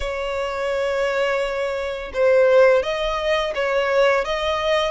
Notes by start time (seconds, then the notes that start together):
0.00 C#5
2.13 C5
2.82 D#5
3.54 C#5
4.24 D#5